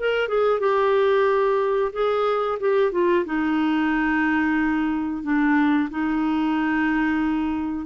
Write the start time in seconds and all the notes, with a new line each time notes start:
0.00 A#4
0.28 G#4
0.60 G4
1.93 G#4
2.60 G4
2.92 F4
3.25 D#4
5.23 D4
5.91 D#4